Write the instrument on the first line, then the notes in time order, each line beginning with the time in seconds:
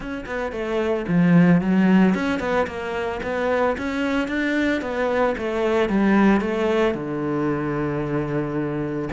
cello
0.00 C#4
0.26 B3
0.52 A3
1.08 F3
1.61 F#3
2.14 C#4
2.39 B3
2.66 A#3
3.22 B3
3.77 C#4
4.28 D4
4.81 B3
5.37 A3
5.89 G3
6.40 A3
6.94 D3